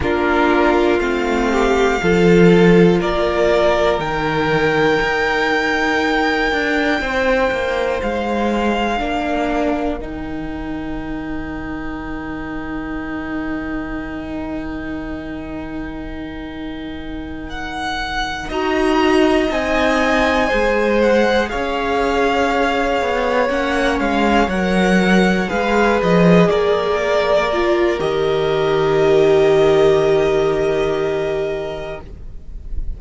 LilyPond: <<
  \new Staff \with { instrumentName = "violin" } { \time 4/4 \tempo 4 = 60 ais'4 f''2 d''4 | g''1 | f''2 g''2~ | g''1~ |
g''4. fis''4 ais''4 gis''8~ | gis''4 fis''8 f''2 fis''8 | f''8 fis''4 f''8 dis''8 d''4. | dis''1 | }
  \new Staff \with { instrumentName = "violin" } { \time 4/4 f'4. g'8 a'4 ais'4~ | ais'2. c''4~ | c''4 ais'2.~ | ais'1~ |
ais'2~ ais'8 dis''4.~ | dis''8 c''4 cis''2~ cis''8~ | cis''4. b'4 ais'4.~ | ais'1 | }
  \new Staff \with { instrumentName = "viola" } { \time 4/4 d'4 c'4 f'2 | dis'1~ | dis'4 d'4 dis'2~ | dis'1~ |
dis'2~ dis'8 fis'4 dis'8~ | dis'8 gis'2. cis'8~ | cis'8 ais'4 gis'2 f'8 | g'1 | }
  \new Staff \with { instrumentName = "cello" } { \time 4/4 ais4 a4 f4 ais4 | dis4 dis'4. d'8 c'8 ais8 | gis4 ais4 dis2~ | dis1~ |
dis2~ dis8 dis'4 c'8~ | c'8 gis4 cis'4. b8 ais8 | gis8 fis4 gis8 f8 ais4. | dis1 | }
>>